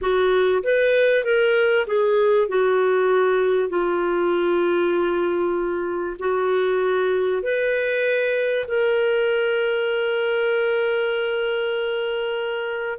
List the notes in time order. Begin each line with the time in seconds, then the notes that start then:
0.01 F#4
0.63 B4
1.24 A#4
1.86 G#4
2.48 F#4
3.69 F4
6.19 F#4
7.42 B4
8.67 A#4